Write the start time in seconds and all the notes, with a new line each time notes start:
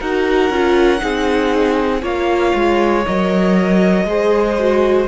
0.00 D#4 F#4 A#4 F#5
0.50 C#4 F4
0.99 C4 D#4 G#4
2.02 A#3 F4 C#5 F5
2.55 G#3
3.06 F#3 A#4 D#5
4.05 G#3 G#4 C5
4.59 F#4